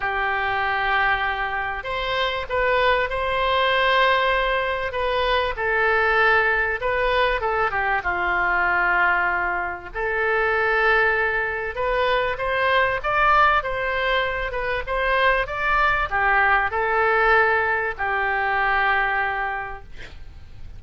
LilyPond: \new Staff \with { instrumentName = "oboe" } { \time 4/4 \tempo 4 = 97 g'2. c''4 | b'4 c''2. | b'4 a'2 b'4 | a'8 g'8 f'2. |
a'2. b'4 | c''4 d''4 c''4. b'8 | c''4 d''4 g'4 a'4~ | a'4 g'2. | }